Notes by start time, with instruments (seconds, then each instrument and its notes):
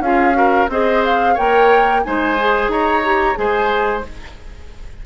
0.00 bassoon C#4, clarinet F4, oboe G#4, flute F5
0.33 clarinet F#4, oboe A#4
0.69 bassoon C4, clarinet G#4, oboe C5, flute D#5
1.05 flute F5
1.34 bassoon A#3, clarinet A#4, oboe C#5, flute G5
2.03 bassoon G#3, clarinet D#4, oboe C5, flute G#5
2.38 clarinet G#4
2.68 bassoon D#4, oboe C#5, flute A#5
3.03 clarinet G4
3.35 bassoon G#3, clarinet G#4, oboe C5, flute G#5